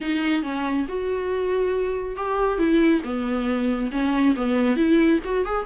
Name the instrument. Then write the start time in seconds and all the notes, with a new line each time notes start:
viola
0.00 D#4
0.42 C#4
0.88 F#4
2.16 G4
2.58 E4
3.03 B3
3.91 C#4
4.36 B3
4.76 E4
5.24 F#4
5.45 G#4